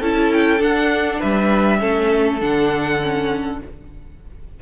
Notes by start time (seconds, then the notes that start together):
0.00 C#4 E4 A4 A5
0.33 G5
0.59 D4 F#5
1.20 G3 B4 E5
1.79 A3 C#4 A4
2.41 D3 D4 F#5
3.02 C#4